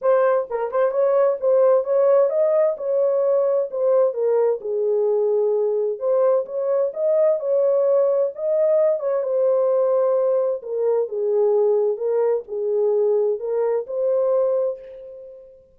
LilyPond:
\new Staff \with { instrumentName = "horn" } { \time 4/4 \tempo 4 = 130 c''4 ais'8 c''8 cis''4 c''4 | cis''4 dis''4 cis''2 | c''4 ais'4 gis'2~ | gis'4 c''4 cis''4 dis''4 |
cis''2 dis''4. cis''8 | c''2. ais'4 | gis'2 ais'4 gis'4~ | gis'4 ais'4 c''2 | }